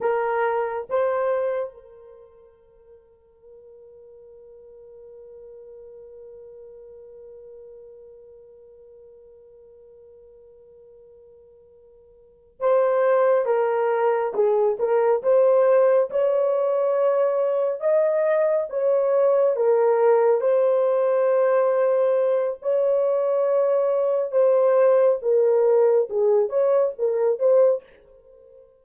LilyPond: \new Staff \with { instrumentName = "horn" } { \time 4/4 \tempo 4 = 69 ais'4 c''4 ais'2~ | ais'1~ | ais'1~ | ais'2~ ais'8 c''4 ais'8~ |
ais'8 gis'8 ais'8 c''4 cis''4.~ | cis''8 dis''4 cis''4 ais'4 c''8~ | c''2 cis''2 | c''4 ais'4 gis'8 cis''8 ais'8 c''8 | }